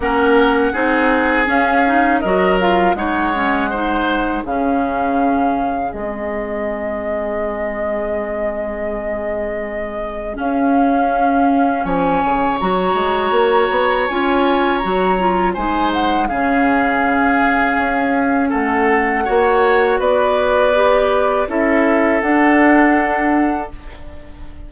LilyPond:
<<
  \new Staff \with { instrumentName = "flute" } { \time 4/4 \tempo 4 = 81 fis''2 f''4 dis''8 f''8 | fis''2 f''2 | dis''1~ | dis''2 f''2 |
gis''4 ais''2 gis''4 | ais''4 gis''8 fis''8 f''2~ | f''4 fis''2 d''4~ | d''4 e''4 fis''2 | }
  \new Staff \with { instrumentName = "oboe" } { \time 4/4 ais'4 gis'2 ais'4 | cis''4 c''4 gis'2~ | gis'1~ | gis'1 |
cis''1~ | cis''4 c''4 gis'2~ | gis'4 a'4 cis''4 b'4~ | b'4 a'2. | }
  \new Staff \with { instrumentName = "clarinet" } { \time 4/4 cis'4 dis'4 cis'8 dis'8 fis'8 f'8 | dis'8 cis'8 dis'4 cis'2 | c'1~ | c'2 cis'2~ |
cis'4 fis'2 f'4 | fis'8 f'8 dis'4 cis'2~ | cis'2 fis'2 | g'4 e'4 d'2 | }
  \new Staff \with { instrumentName = "bassoon" } { \time 4/4 ais4 c'4 cis'4 fis4 | gis2 cis2 | gis1~ | gis2 cis'2 |
f8 cis8 fis8 gis8 ais8 b8 cis'4 | fis4 gis4 cis2 | cis'4 a4 ais4 b4~ | b4 cis'4 d'2 | }
>>